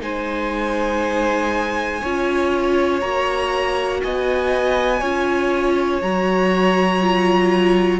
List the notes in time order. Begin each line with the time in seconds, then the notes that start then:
0.00 G#3 D#4 C5 G#5
2.01 C#4 F4 C#5
3.00 A#3 F#4 A#5
4.02 B3 D#5 G#5
4.99 C#4 F4 C#5
6.02 F#3 F#4 A#5
7.01 F4